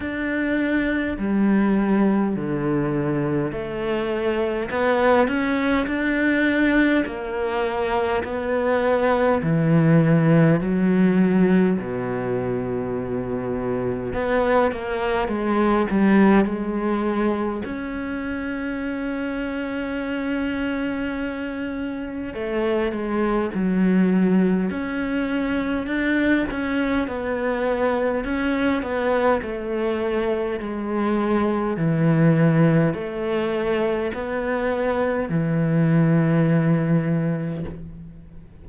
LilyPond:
\new Staff \with { instrumentName = "cello" } { \time 4/4 \tempo 4 = 51 d'4 g4 d4 a4 | b8 cis'8 d'4 ais4 b4 | e4 fis4 b,2 | b8 ais8 gis8 g8 gis4 cis'4~ |
cis'2. a8 gis8 | fis4 cis'4 d'8 cis'8 b4 | cis'8 b8 a4 gis4 e4 | a4 b4 e2 | }